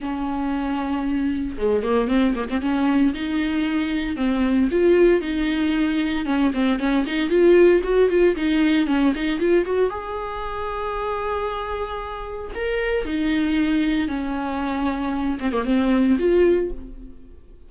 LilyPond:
\new Staff \with { instrumentName = "viola" } { \time 4/4 \tempo 4 = 115 cis'2. gis8 ais8 | c'8 ais16 c'16 cis'4 dis'2 | c'4 f'4 dis'2 | cis'8 c'8 cis'8 dis'8 f'4 fis'8 f'8 |
dis'4 cis'8 dis'8 f'8 fis'8 gis'4~ | gis'1 | ais'4 dis'2 cis'4~ | cis'4. c'16 ais16 c'4 f'4 | }